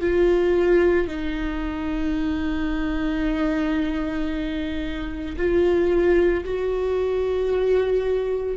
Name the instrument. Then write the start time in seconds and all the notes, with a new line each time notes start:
viola
0.00 F4
1.07 D#4
5.36 F4
6.44 F#4